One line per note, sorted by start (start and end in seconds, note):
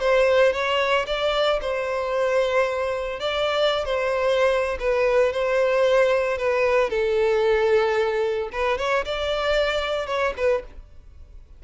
0.00 0.53 C5
0.53 1.06 C#5
1.07 1.60 D5
1.61 3.20 C5
3.20 3.85 D5
3.85 4.78 C5
4.80 5.33 B4
5.33 6.38 C5
6.38 6.90 B4
6.90 8.49 A4
8.52 8.78 B4
8.78 9.05 C#5
9.05 10.07 D5
10.07 10.33 C#5
10.37 10.64 B4